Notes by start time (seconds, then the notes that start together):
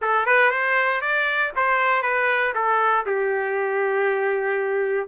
0.01 A4
0.25 B4
0.51 C5
1.01 D5
1.56 C5
2.02 B4
2.54 A4
3.06 G4